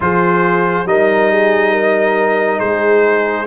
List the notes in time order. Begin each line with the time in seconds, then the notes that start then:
0.00 F3 F4 G#4 C5
0.84 G3 D#4 A#4 D#5
1.31 G#4
1.71 A#4
2.58 G#3 G#4 C5